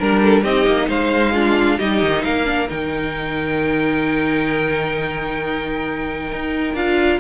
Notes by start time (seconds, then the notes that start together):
0.00 G3 D4 A#4
0.23 A4
0.42 C4 D#4 G4 D#5
0.66 A#3
0.88 G#3 C5 F5
1.33 D4 F4
1.78 G3 D#4 G4 D#5
2.03 D#3
2.24 A#3 A#4 F5
2.46 D4
2.68 D#3 D#4 G5
6.33 D#4
6.74 D4 F4 F5